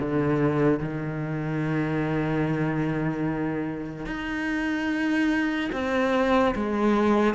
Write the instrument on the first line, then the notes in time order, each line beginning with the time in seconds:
cello
0.00 D3
0.80 D#3
4.06 D#4
5.73 C4
6.56 G#3